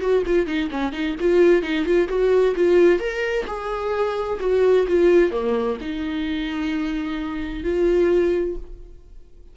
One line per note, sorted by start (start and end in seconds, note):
0.00 0.23 F#4
0.26 0.46 F4
0.46 0.69 D#4
0.71 0.92 C#4
0.92 1.15 D#4
1.20 1.62 F4
1.62 1.85 D#4
1.85 2.08 F4
2.08 2.54 F#4
2.55 2.99 F4
2.99 3.45 A#4
3.47 4.39 G#4
4.40 4.86 F#4
4.87 5.31 F4
5.31 5.77 A#3
5.80 7.63 D#4
7.63 8.56 F4